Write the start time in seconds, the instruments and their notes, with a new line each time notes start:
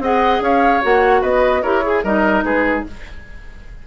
0.00 bassoon C4, clarinet G#4, oboe D#5, flute F#5
0.41 bassoon C#4, oboe C#5, flute F5
0.82 bassoon A#3, clarinet F#4, flute F#5
1.22 bassoon B3, oboe B4, flute D#5
1.63 bassoon E4, clarinet G4, oboe A#4, flute C#5
1.83 clarinet G#4, oboe G#4
2.04 bassoon G3, clarinet D#4, oboe A#4, flute D#5
2.44 bassoon G#3, oboe G#4, flute B4